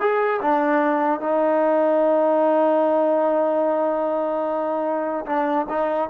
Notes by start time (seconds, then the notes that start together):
0.00 G#4
0.42 D4
1.20 D#4
5.26 D4
5.69 D#4